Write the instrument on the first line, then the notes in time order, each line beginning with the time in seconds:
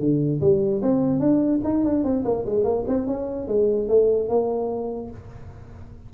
tuba
0.00 D3
0.41 G3
0.82 C4
1.20 D4
1.64 D#4
1.84 D4
2.04 C4
2.25 A#3
2.46 G#3
2.64 A#3
2.88 C4
3.07 C#4
3.48 G#3
3.89 A3
4.29 A#3